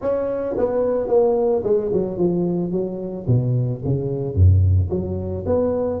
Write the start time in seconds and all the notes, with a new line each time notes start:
0.01 C#4
0.57 B3
1.07 A#3
1.63 G#3
1.92 F#3
2.17 F3
2.71 F#3
3.27 B2
3.84 C#3
4.34 F#2
4.89 F#3
5.45 B3